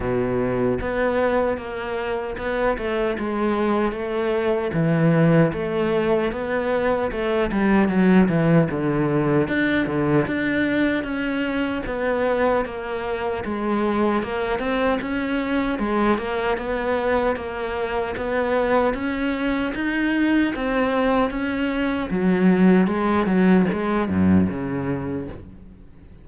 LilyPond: \new Staff \with { instrumentName = "cello" } { \time 4/4 \tempo 4 = 76 b,4 b4 ais4 b8 a8 | gis4 a4 e4 a4 | b4 a8 g8 fis8 e8 d4 | d'8 d8 d'4 cis'4 b4 |
ais4 gis4 ais8 c'8 cis'4 | gis8 ais8 b4 ais4 b4 | cis'4 dis'4 c'4 cis'4 | fis4 gis8 fis8 gis8 fis,8 cis4 | }